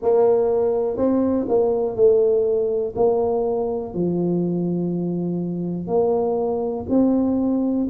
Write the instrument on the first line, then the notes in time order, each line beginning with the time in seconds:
tuba
0.02 A#3
0.97 C4
1.48 A#3
1.95 A3
2.95 A#3
3.93 F3
5.87 A#3
6.89 C4